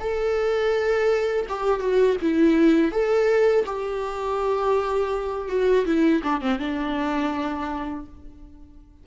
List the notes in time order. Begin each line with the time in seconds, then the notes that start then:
0.00 A4
1.49 G4
1.80 F#4
2.22 E4
2.92 A4
3.66 G4
5.48 F#4
5.86 E4
6.23 D4
6.41 C4
6.59 D4